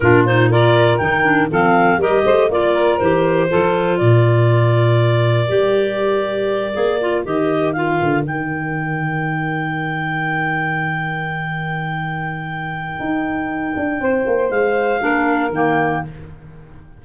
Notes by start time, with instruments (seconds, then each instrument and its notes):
0.00 tuba A#2, clarinet D4 A#4, saxophone F4
0.26 clarinet D#4 C5
0.49 clarinet F4 D5, saxophone A#4
0.97 tuba D#3, clarinet D#4 G5
1.23 clarinet D4
1.49 tuba F3, clarinet C4 F5, saxophone A4
1.97 tuba G3, clarinet G4 D#5, saxophone A#4
2.25 tuba A3, saxophone C5
2.49 tuba A#3, clarinet F4 D5, saxophone D5
2.73 saxophone A#4
2.98 tuba E3, clarinet G4 C5
3.49 tuba F3, clarinet F4, saxophone A4
3.98 tuba A#2, saxophone A#4, clarinet D5
5.48 tuba G3, clarinet G4
6.74 tuba A#3, clarinet G#4
7.01 clarinet F4
7.24 tuba D#3, clarinet G4 D#5
7.72 clarinet F4 F5
8.01 tuba D3
8.24 tuba D#3, clarinet D#4 G5
12.99 tuba D#4
13.76 tuba D4
14.00 tuba C4, saxophone C5
14.26 tuba A#3
14.49 tuba G#3, clarinet F5
15.00 tuba A#3, clarinet D4, saxophone A#4
15.49 tuba D#3, clarinet A#3 G5